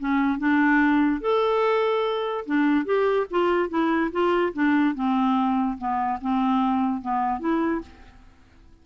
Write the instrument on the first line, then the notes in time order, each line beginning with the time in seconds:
clarinet
0.00 C#4
0.39 D4
1.21 A4
2.46 D4
2.86 G4
3.31 F4
3.70 E4
4.12 F4
4.54 D4
4.95 C4
5.78 B3
6.22 C4
7.02 B3
7.40 E4